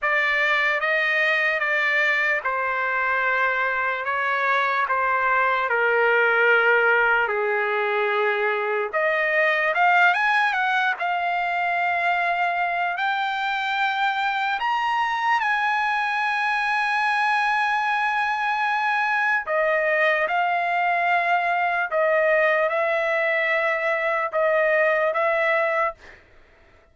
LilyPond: \new Staff \with { instrumentName = "trumpet" } { \time 4/4 \tempo 4 = 74 d''4 dis''4 d''4 c''4~ | c''4 cis''4 c''4 ais'4~ | ais'4 gis'2 dis''4 | f''8 gis''8 fis''8 f''2~ f''8 |
g''2 ais''4 gis''4~ | gis''1 | dis''4 f''2 dis''4 | e''2 dis''4 e''4 | }